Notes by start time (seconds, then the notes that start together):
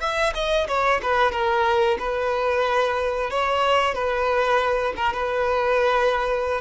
0.00 E5
0.34 D#5
0.68 C#5
1.02 B4
1.32 A#4
1.99 B4
3.31 C#5
3.94 B4
4.96 A#4
5.13 B4